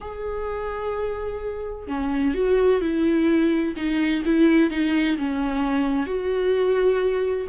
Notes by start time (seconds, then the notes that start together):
0.01 G#4
1.87 C#4
2.34 F#4
2.81 E4
3.76 D#4
4.25 E4
4.70 D#4
5.17 C#4
6.06 F#4